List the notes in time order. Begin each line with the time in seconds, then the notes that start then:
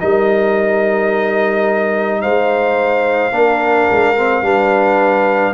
0.00 G3 D#4 A#4 D#5
2.22 G#3 C5 F5
3.32 A#3 D4 A#4
3.92 G#3
4.17 C4
4.42 G3 D4 B4